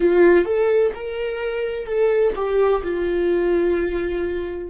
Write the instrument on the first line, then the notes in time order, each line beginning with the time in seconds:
viola
0.00 F4
0.45 A4
0.94 A#4
1.85 A4
2.35 G4
2.83 F4